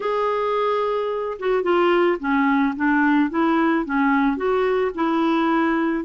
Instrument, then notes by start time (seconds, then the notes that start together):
clarinet
0.00 G#4
1.39 F#4
1.62 F4
2.19 C#4
2.75 D4
3.30 E4
3.85 C#4
4.36 F#4
4.94 E4